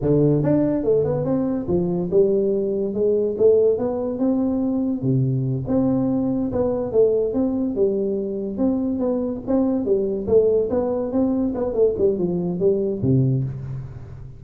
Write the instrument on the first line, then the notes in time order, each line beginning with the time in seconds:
tuba
0.01 D3
0.43 D4
0.83 A3
1.04 B3
1.25 C4
1.68 F3
2.11 G3
2.94 G#3
3.37 A3
3.78 B3
4.18 C4
5.02 C3
5.67 C4
6.52 B3
6.92 A3
7.33 C4
7.75 G3
8.57 C4
8.99 B3
9.47 C4
9.85 G3
10.27 A3
10.70 B3
11.12 C4
11.54 B3
11.73 A3
11.98 G3
12.18 F3
12.59 G3
13.01 C3